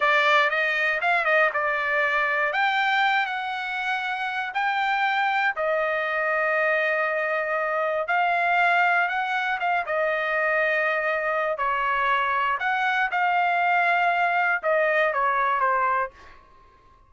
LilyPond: \new Staff \with { instrumentName = "trumpet" } { \time 4/4 \tempo 4 = 119 d''4 dis''4 f''8 dis''8 d''4~ | d''4 g''4. fis''4.~ | fis''4 g''2 dis''4~ | dis''1 |
f''2 fis''4 f''8 dis''8~ | dis''2. cis''4~ | cis''4 fis''4 f''2~ | f''4 dis''4 cis''4 c''4 | }